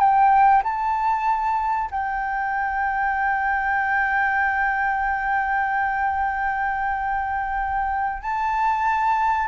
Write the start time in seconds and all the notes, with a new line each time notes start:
0.00 G5
0.64 A5
1.91 G5
8.22 A5